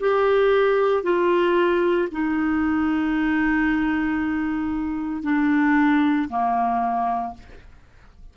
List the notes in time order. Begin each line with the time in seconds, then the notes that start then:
0.00 G4
1.03 F4
2.11 D#4
5.22 D4
6.29 A#3